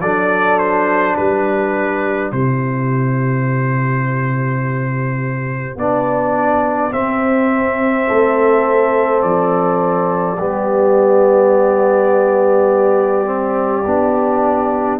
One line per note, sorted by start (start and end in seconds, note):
0.00 1.15 F#3
0.00 2.34 D4
0.00 1.16 A4
0.00 0.58 D5
0.58 1.16 C5
1.16 2.32 G3
1.16 8.07 G4
1.16 2.31 B4
2.32 5.76 C3
2.32 5.78 E4
2.32 5.78 C5
5.76 6.91 B3
5.76 6.91 D4
5.76 6.93 D5
6.91 10.37 C4
6.91 8.07 C4
6.91 9.22 E5
8.07 9.23 A3
8.07 10.38 A4
9.22 10.38 F3
9.22 14.99 D5
10.38 13.85 G3
10.38 13.25 B3
10.38 15.00 G4
13.25 13.83 C4
13.85 15.00 B3
13.85 15.00 D4